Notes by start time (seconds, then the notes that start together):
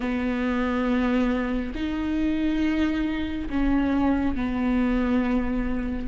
0.00 B3
1.74 D#4
3.49 C#4
4.35 B3